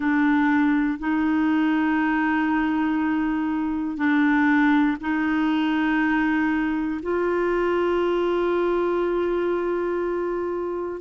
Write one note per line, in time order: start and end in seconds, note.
0.00 0.99 D4
0.99 3.97 D#4
3.97 4.97 D4
5.00 7.00 D#4
7.02 11.00 F4